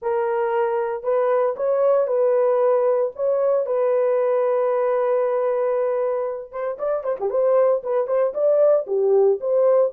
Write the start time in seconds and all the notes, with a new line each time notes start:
0.02 A#4
1.03 B4
1.56 C#5
2.07 B4
3.15 C#5
3.65 B4
6.51 C5
6.78 D5
7.03 C5
7.20 G4
7.30 C5
7.83 B4
8.07 C5
8.33 D5
8.86 G4
9.40 C5